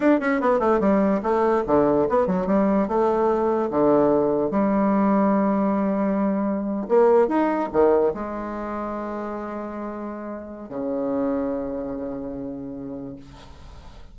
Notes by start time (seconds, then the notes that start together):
0.00 D4
0.20 C#4
0.40 B3
0.59 A3
0.80 G3
1.22 A3
1.66 D3
2.09 B3
2.26 F#3
2.46 G3
2.87 A3
3.70 D3
4.51 G3
6.88 A#3
7.28 D#4
7.72 D#3
8.14 G#3
10.69 C#3